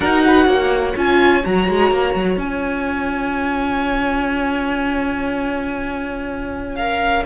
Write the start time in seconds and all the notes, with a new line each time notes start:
0.00 D#4 F#4 A#4 F#5
0.27 B4
0.46 A#3 C#5
0.95 C#4 F4 G#5
1.44 F#3 F#4 A#5
1.68 G#3
1.91 A#3
2.15 F#3
2.36 C#4 F4 G#5
6.75 A#4 F5